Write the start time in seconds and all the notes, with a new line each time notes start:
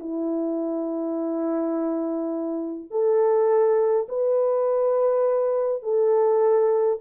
0.00 E4
2.90 A4
4.09 B4
5.83 A4